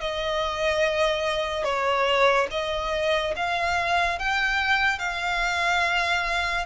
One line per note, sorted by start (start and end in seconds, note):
0.00 1.64 D#5
1.64 2.47 C#5
2.50 3.34 D#5
3.36 4.19 F5
4.19 4.98 G5
4.98 6.65 F5